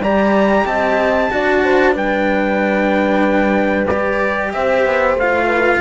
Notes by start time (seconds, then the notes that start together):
0.00 G3 G4 D5 A#5
0.66 C4 D#5 A5
1.31 D4 F#4 D5
1.64 C5
1.93 G3 D4 B4 G5
3.87 G4 D5
4.53 C4 C5 E5
4.86 B3
5.15 A3 F5
5.22 F4
5.47 B4